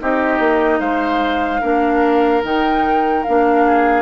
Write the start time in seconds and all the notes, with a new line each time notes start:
0.00 C4 D#4 G4 D#5
0.39 A#3
0.80 G#3 C5 F5
1.61 A#3 D4 A#4
2.43 D#3 D#4 G5
3.23 A#3 D4 F5
3.66 G#4